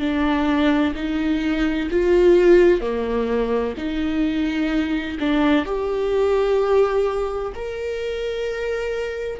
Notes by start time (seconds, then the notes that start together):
0.00 D4
0.95 D#4
1.91 F4
2.81 A#3
3.77 D#4
5.20 D4
5.65 G4
7.55 A#4